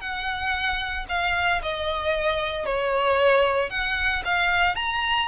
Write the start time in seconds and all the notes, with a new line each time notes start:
0.00 F#5
1.09 F5
1.62 D#5
2.66 C#5
3.70 F#5
4.24 F5
4.75 A#5